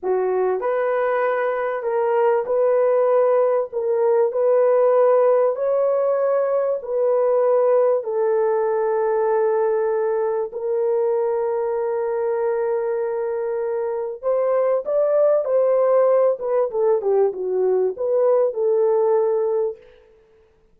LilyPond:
\new Staff \with { instrumentName = "horn" } { \time 4/4 \tempo 4 = 97 fis'4 b'2 ais'4 | b'2 ais'4 b'4~ | b'4 cis''2 b'4~ | b'4 a'2.~ |
a'4 ais'2.~ | ais'2. c''4 | d''4 c''4. b'8 a'8 g'8 | fis'4 b'4 a'2 | }